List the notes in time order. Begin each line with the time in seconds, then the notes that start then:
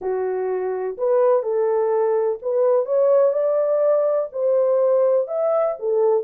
0.01 F#4
0.97 B4
1.42 A4
2.42 B4
2.85 C#5
3.33 D5
4.32 C5
5.27 E5
5.79 A4